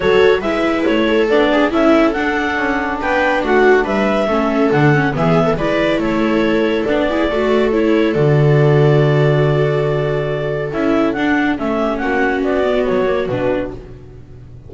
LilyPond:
<<
  \new Staff \with { instrumentName = "clarinet" } { \time 4/4 \tempo 4 = 140 cis''4 e''4 cis''4 d''4 | e''4 fis''2 g''4 | fis''4 e''2 fis''4 | e''4 d''4 cis''2 |
d''2 cis''4 d''4~ | d''1~ | d''4 e''4 fis''4 e''4 | fis''4 d''4 cis''4 b'4 | }
  \new Staff \with { instrumentName = "viola" } { \time 4/4 a'4 b'4. a'4 gis'8 | a'2. b'4 | fis'4 b'4 a'2 | gis'8. a'16 b'4 a'2~ |
a'8 gis'8 a'2.~ | a'1~ | a'2.~ a'8 g'8 | fis'1 | }
  \new Staff \with { instrumentName = "viola" } { \time 4/4 fis'4 e'2 d'4 | e'4 d'2.~ | d'2 cis'4 d'8 cis'8 | b4 e'2. |
d'8 e'8 fis'4 e'4 fis'4~ | fis'1~ | fis'4 e'4 d'4 cis'4~ | cis'4. b4 ais8 d'4 | }
  \new Staff \with { instrumentName = "double bass" } { \time 4/4 fis4 gis4 a4 b4 | cis'4 d'4 cis'4 b4 | a4 g4 a4 d4 | e4 gis4 a2 |
b4 a2 d4~ | d1~ | d4 cis'4 d'4 a4 | ais4 b4 fis4 b,4 | }
>>